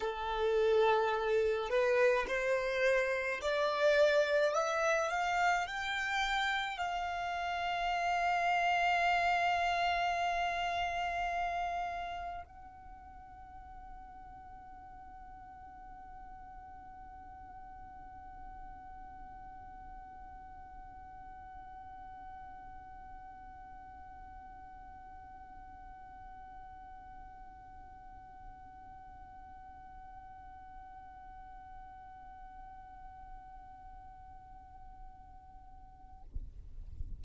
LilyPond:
\new Staff \with { instrumentName = "violin" } { \time 4/4 \tempo 4 = 53 a'4. b'8 c''4 d''4 | e''8 f''8 g''4 f''2~ | f''2. fis''4~ | fis''1~ |
fis''1~ | fis''1~ | fis''1~ | fis''1 | }